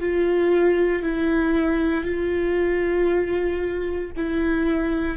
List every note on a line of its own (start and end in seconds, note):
0.00 1.03 F4
1.03 2.04 E4
2.04 4.11 F4
4.17 5.17 E4